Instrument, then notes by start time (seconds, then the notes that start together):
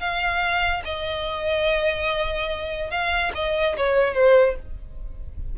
violin
0.00 F5
0.85 D#5
2.91 F5
3.35 D#5
3.77 C#5
4.14 C5